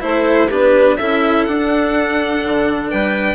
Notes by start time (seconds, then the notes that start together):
0.00 A3 E4 A4 C5
0.48 B3 D4 G4 B4
0.97 C#4 E4 A4 E5
1.44 D4 F#5
2.44 D3
2.90 G3 B4 G5